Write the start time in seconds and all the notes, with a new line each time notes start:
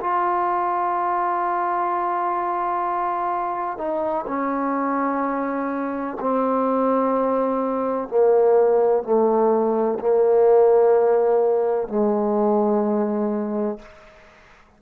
0.00 F4
3.77 D#4
4.27 C#4
6.19 C4
8.08 A#3
9.03 A3
10.00 A#3
11.88 G#3